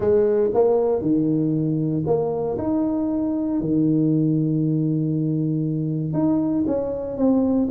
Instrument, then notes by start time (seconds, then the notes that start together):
tuba
0.00 G#3
0.54 A#3
1.01 D#3
2.06 A#3
2.58 D#4
3.60 D#3
6.13 D#4
6.66 C#4
7.17 C4